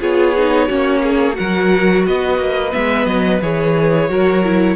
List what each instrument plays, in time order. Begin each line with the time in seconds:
0.00 cello B3, viola F4, violin G#4 C#5
0.37 viola D#4
0.67 cello A#3, viola C#4, violin F#4
1.03 violin G#4
1.33 viola F#4, violin A#4 F#5
1.39 cello F#3
2.05 cello B3, violin B4 D#5
2.38 cello A#3
2.72 cello G#3, viola B3, violin E5
3.06 cello F#3, violin D#5
3.41 cello E3, viola G#4, violin C#5
4.09 cello F#3, viola F#4, violin A#4
4.43 viola E4